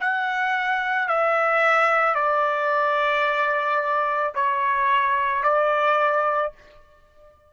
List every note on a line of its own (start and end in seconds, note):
0.00 1.08 F#5
1.08 2.15 E5
2.15 4.33 D5
4.34 5.43 C#5
5.43 6.52 D5